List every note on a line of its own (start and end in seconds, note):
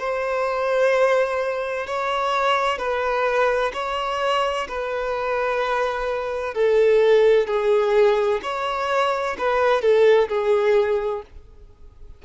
0.00 1.87 C5
1.87 2.78 C#5
2.78 3.72 B4
3.74 4.67 C#5
4.68 6.55 B4
6.55 7.47 A4
7.47 8.41 G#4
8.43 9.37 C#5
9.38 9.82 B4
9.82 10.29 A4
10.29 11.22 G#4